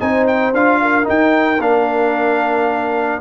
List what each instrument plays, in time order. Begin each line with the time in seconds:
0.00 tuba C4, trombone D#4, horn C5, trumpet G#5
0.27 trumpet G5
0.53 tuba D4, trombone F4, trumpet F5
0.82 horn A#4
1.04 trombone D#4, tuba D#4, trumpet G5
1.60 tuba A#3, trombone D4, trumpet F5